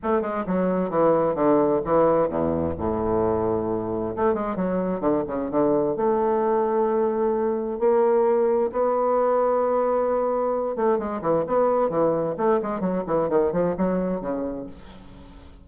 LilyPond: \new Staff \with { instrumentName = "bassoon" } { \time 4/4 \tempo 4 = 131 a8 gis8 fis4 e4 d4 | e4 e,4 a,2~ | a,4 a8 gis8 fis4 d8 cis8 | d4 a2.~ |
a4 ais2 b4~ | b2.~ b8 a8 | gis8 e8 b4 e4 a8 gis8 | fis8 e8 dis8 f8 fis4 cis4 | }